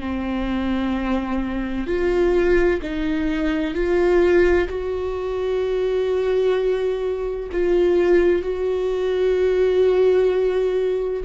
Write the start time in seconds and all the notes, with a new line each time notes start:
0.00 C4
1.87 F4
2.82 D#4
3.74 F4
4.68 F#4
7.52 F4
8.42 F#4